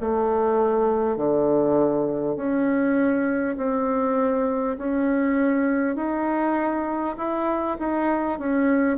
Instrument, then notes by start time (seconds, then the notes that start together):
bassoon
0.00 A3
1.17 D3
2.36 C#4
3.57 C4
4.77 C#4
5.96 D#4
7.17 E4
7.79 D#4
8.39 C#4